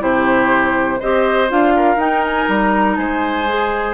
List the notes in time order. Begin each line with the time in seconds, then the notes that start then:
0.00 C3 E4 G4 C5
1.00 C4 G4 C5 D#5
1.49 D4 F4 F5
1.76 A#4
1.96 D#4 G5
2.25 G#5
2.49 G3 A#5
2.96 G#3 C5 G#5
3.47 G#4